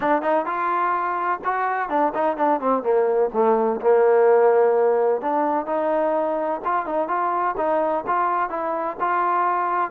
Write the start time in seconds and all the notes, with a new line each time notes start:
0.00 D4
0.22 D#4
0.45 F4
1.44 F#4
1.89 D4
2.14 D#4
2.36 D4
2.60 C4
2.82 A#3
3.33 A3
3.81 A#3
5.21 D4
5.66 D#4
6.64 F4
6.86 D#4
7.08 F4
7.57 D#4
8.07 F4
8.49 E4
9.00 F4